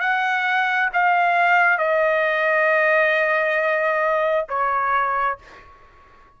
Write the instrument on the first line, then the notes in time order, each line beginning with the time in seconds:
trumpet
0.00 F#5
0.93 F5
1.77 D#5
4.49 C#5